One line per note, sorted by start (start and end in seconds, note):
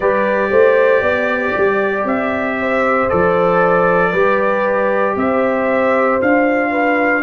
0.00 0.51 G3
0.00 3.09 G4
0.00 0.49 B4
0.00 2.06 D5
0.50 1.02 A3
0.50 1.02 C5
1.02 1.53 B3
1.02 2.57 D5
1.57 2.04 G3
2.04 3.08 C4
2.04 3.09 E5
2.59 4.10 C5
3.09 4.13 F3
3.09 4.13 A4
3.09 5.16 D5
4.10 5.16 G3
4.10 6.20 G4
4.10 5.14 B4
5.16 6.19 C4
5.16 6.70 C5
5.16 6.21 E5
6.20 7.22 D4
6.20 7.22 F4
6.20 7.22 F5
6.70 7.22 B4